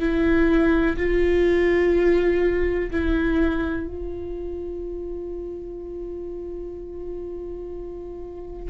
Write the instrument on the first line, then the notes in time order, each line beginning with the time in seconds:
viola
0.00 E4
0.97 F4
2.92 E4
3.88 F4